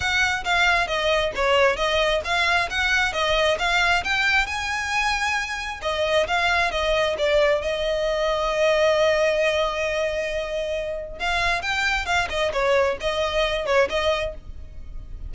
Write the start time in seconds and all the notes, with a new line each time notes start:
0.00 F#5
0.44 F5
0.87 D#5
1.35 C#5
1.76 D#5
2.24 F5
2.70 F#5
3.12 D#5
3.58 F5
4.04 G5
4.46 G#5
5.82 D#5
6.27 F5
6.71 D#5
7.17 D5
7.61 D#5
11.19 F5
11.62 G5
12.05 F5
12.29 D#5
12.53 C#5
13.00 D#5
13.66 C#5
13.89 D#5